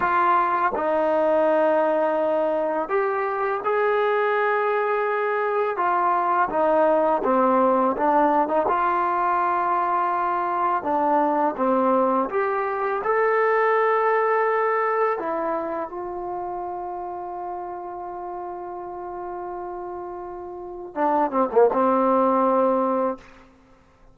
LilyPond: \new Staff \with { instrumentName = "trombone" } { \time 4/4 \tempo 4 = 83 f'4 dis'2. | g'4 gis'2. | f'4 dis'4 c'4 d'8. dis'16 | f'2. d'4 |
c'4 g'4 a'2~ | a'4 e'4 f'2~ | f'1~ | f'4 d'8 c'16 ais16 c'2 | }